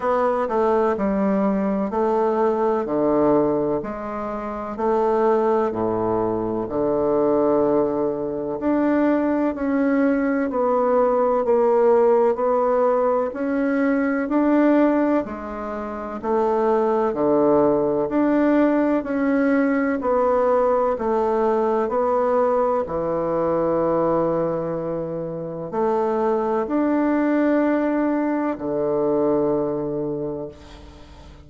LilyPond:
\new Staff \with { instrumentName = "bassoon" } { \time 4/4 \tempo 4 = 63 b8 a8 g4 a4 d4 | gis4 a4 a,4 d4~ | d4 d'4 cis'4 b4 | ais4 b4 cis'4 d'4 |
gis4 a4 d4 d'4 | cis'4 b4 a4 b4 | e2. a4 | d'2 d2 | }